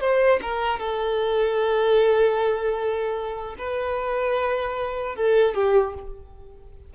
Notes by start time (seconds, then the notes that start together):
0.00 C5
0.42 A#4
0.79 A4
3.58 B4
5.16 A4
5.54 G4